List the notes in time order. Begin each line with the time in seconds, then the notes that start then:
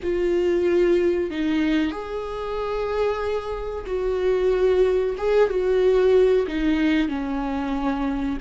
0.02 F4
1.30 D#4
1.91 G#4
3.86 F#4
5.17 G#4
5.49 F#4
6.47 D#4
7.08 C#4